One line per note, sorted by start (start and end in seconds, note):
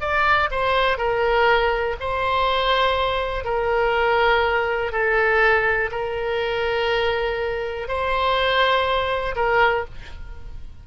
0.00 0.49 D5
0.51 0.97 C5
0.97 1.96 A#4
1.99 3.44 C5
3.44 4.92 A#4
4.92 5.90 A4
5.91 7.87 A#4
7.87 9.35 C5
9.35 9.85 A#4